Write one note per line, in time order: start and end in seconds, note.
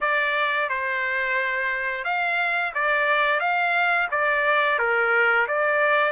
0.00 0.68 D5
0.69 2.04 C5
2.04 2.72 F5
2.74 3.39 D5
3.39 4.08 F5
4.11 4.79 D5
4.79 5.47 A#4
5.47 6.12 D5